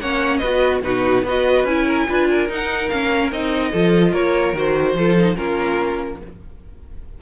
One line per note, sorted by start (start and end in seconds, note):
0.00 0.41 A#3
0.00 0.43 C#4
0.00 0.39 C#5
0.00 0.38 F#5
0.38 0.83 B3
0.38 0.83 F#4
0.38 0.81 B4
0.38 0.79 D#5
0.83 1.24 B2
0.83 1.24 D#4
0.83 1.24 F#4
0.83 1.25 B4
1.24 1.64 B3
1.24 1.68 F#4
1.24 1.86 B4
1.24 1.66 D#5
1.64 2.05 C#4
1.64 2.08 E4
1.64 2.49 G#5
1.86 2.07 A#4
2.08 2.50 D4
2.08 2.48 F4
2.08 2.30 B4
2.30 3.71 A#4
2.48 2.90 D#4
2.48 2.91 D#4
2.48 2.89 F#5
2.89 3.32 A#3
2.89 3.32 C#4
2.89 3.31 F5
3.32 3.73 C4
3.32 3.73 D#4
3.32 4.14 D#5
3.71 4.13 F3
3.71 4.56 F4
3.71 4.12 A4
4.12 4.53 A#3
4.12 4.95 A#4
4.12 4.55 C#5
4.53 4.94 D#3
4.53 4.97 F#4
4.53 5.37 C5
4.94 5.36 F3
4.94 5.18 F4
4.94 5.38 A4
5.18 5.36 D#4
5.36 6.22 A#3
5.36 6.19 C#4
5.36 6.21 F4
5.36 6.19 A#4